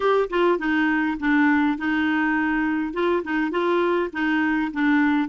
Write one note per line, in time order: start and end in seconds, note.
0.00 0.28 G4
0.29 0.58 F4
0.58 1.17 D#4
1.19 1.78 D4
1.78 2.93 D#4
2.93 3.22 F4
3.24 3.51 D#4
3.51 4.10 F4
4.12 4.71 D#4
4.73 5.29 D4